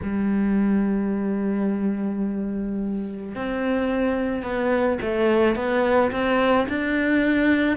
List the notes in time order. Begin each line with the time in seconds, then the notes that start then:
0.02 G3
3.35 C4
4.42 B3
5.02 A3
5.56 B3
6.11 C4
6.68 D4